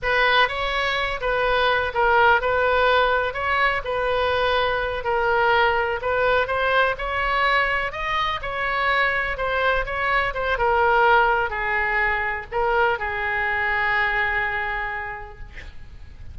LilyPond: \new Staff \with { instrumentName = "oboe" } { \time 4/4 \tempo 4 = 125 b'4 cis''4. b'4. | ais'4 b'2 cis''4 | b'2~ b'8 ais'4.~ | ais'8 b'4 c''4 cis''4.~ |
cis''8 dis''4 cis''2 c''8~ | c''8 cis''4 c''8 ais'2 | gis'2 ais'4 gis'4~ | gis'1 | }